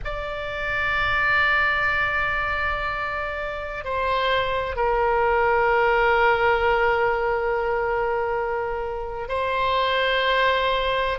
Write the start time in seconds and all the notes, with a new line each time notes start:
0.04 D5
3.84 C5
4.76 A#4
9.28 C5